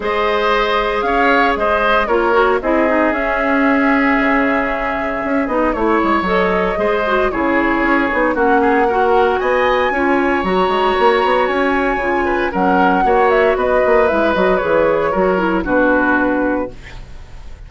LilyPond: <<
  \new Staff \with { instrumentName = "flute" } { \time 4/4 \tempo 4 = 115 dis''2 f''4 dis''4 | cis''4 dis''4 e''2~ | e''2~ e''8 dis''8 cis''4 | dis''2 cis''2 |
fis''2 gis''2 | ais''2 gis''2 | fis''4. e''8 dis''4 e''8 dis''8 | cis''2 b'2 | }
  \new Staff \with { instrumentName = "oboe" } { \time 4/4 c''2 cis''4 c''4 | ais'4 gis'2.~ | gis'2. cis''4~ | cis''4 c''4 gis'2 |
fis'8 gis'8 ais'4 dis''4 cis''4~ | cis''2.~ cis''8 b'8 | ais'4 cis''4 b'2~ | b'4 ais'4 fis'2 | }
  \new Staff \with { instrumentName = "clarinet" } { \time 4/4 gis'1 | f'8 fis'8 e'8 dis'8 cis'2~ | cis'2~ cis'8 dis'8 e'4 | a'4 gis'8 fis'8 e'4. dis'8 |
cis'4 fis'2 f'4 | fis'2. f'4 | cis'4 fis'2 e'8 fis'8 | gis'4 fis'8 e'8 d'2 | }
  \new Staff \with { instrumentName = "bassoon" } { \time 4/4 gis2 cis'4 gis4 | ais4 c'4 cis'2 | cis2 cis'8 b8 a8 gis8 | fis4 gis4 cis4 cis'8 b8 |
ais2 b4 cis'4 | fis8 gis8 ais8 b8 cis'4 cis4 | fis4 ais4 b8 ais8 gis8 fis8 | e4 fis4 b,2 | }
>>